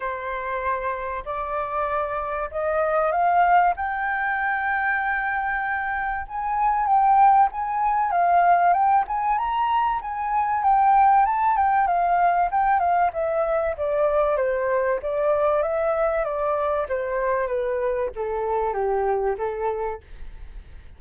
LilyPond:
\new Staff \with { instrumentName = "flute" } { \time 4/4 \tempo 4 = 96 c''2 d''2 | dis''4 f''4 g''2~ | g''2 gis''4 g''4 | gis''4 f''4 g''8 gis''8 ais''4 |
gis''4 g''4 a''8 g''8 f''4 | g''8 f''8 e''4 d''4 c''4 | d''4 e''4 d''4 c''4 | b'4 a'4 g'4 a'4 | }